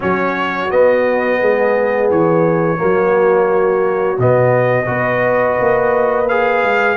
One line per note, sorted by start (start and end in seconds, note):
0.00 0.72 F#3
0.00 0.69 C#4
0.00 1.39 F#4
0.00 0.70 C#5
0.69 2.77 B3
0.69 1.41 B3
0.69 2.10 D#5
1.40 2.10 G#3
1.40 2.79 G#4
2.10 2.80 E3
2.10 4.19 C#5
2.77 4.18 F#3
2.77 4.16 A#3
2.77 4.88 F#4
4.18 4.88 B2
4.18 4.86 B3
4.18 6.28 D#5
4.86 5.58 B3
4.86 6.25 F#4
4.86 6.96 B4
5.60 6.63 A#3
6.28 6.96 G#4
6.28 6.96 F5
6.63 6.96 G#3